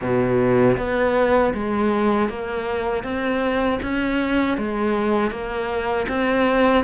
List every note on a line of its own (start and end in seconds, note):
0.01 0.77 B2
0.77 1.53 B3
1.54 2.29 G#3
2.29 3.03 A#3
3.03 3.79 C4
3.82 4.57 C#4
4.57 5.30 G#3
5.30 6.06 A#3
6.08 6.84 C4